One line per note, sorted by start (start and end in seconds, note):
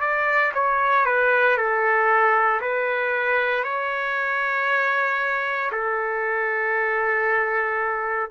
0.00 0.52 D5
0.54 1.05 C#5
1.05 1.57 B4
1.57 2.61 A4
2.61 3.63 B4
3.63 5.70 C#5
5.71 8.30 A4